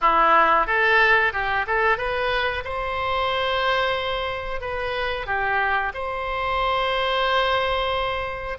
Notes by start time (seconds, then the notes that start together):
0.01 E4
0.66 A4
1.32 G4
1.66 A4
1.97 B4
2.64 C5
4.60 B4
5.26 G4
5.94 C5